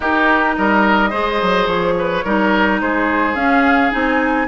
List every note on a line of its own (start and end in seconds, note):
0.00 0.56 D#4
0.00 1.11 D#4
0.00 0.55 G4
0.00 0.55 A#4
0.55 1.13 G3
0.55 1.09 A#4
0.55 1.67 D#5
1.09 1.41 G#3
1.09 2.23 G#4
1.09 1.94 C5
1.42 1.66 F#3
1.66 2.22 F3
1.66 2.79 C#5
1.98 2.24 B4
2.24 2.81 G3
2.24 3.36 D#4
2.24 2.80 A#4
2.80 3.34 G#3
2.80 4.47 G#4
2.80 3.35 C5
3.34 3.90 C#4
3.34 3.91 C#4
3.34 3.91 F5
3.91 4.47 C4
3.91 4.47 D#4
3.91 4.47 G#5